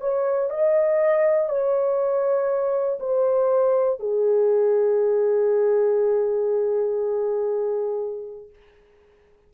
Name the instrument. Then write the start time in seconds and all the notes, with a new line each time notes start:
horn
0.00 C#5
0.50 D#5
1.49 C#5
2.99 C5
4.00 G#4